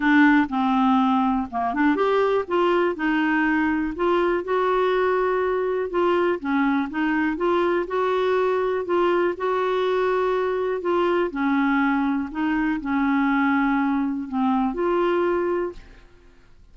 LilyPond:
\new Staff \with { instrumentName = "clarinet" } { \time 4/4 \tempo 4 = 122 d'4 c'2 ais8 d'8 | g'4 f'4 dis'2 | f'4 fis'2. | f'4 cis'4 dis'4 f'4 |
fis'2 f'4 fis'4~ | fis'2 f'4 cis'4~ | cis'4 dis'4 cis'2~ | cis'4 c'4 f'2 | }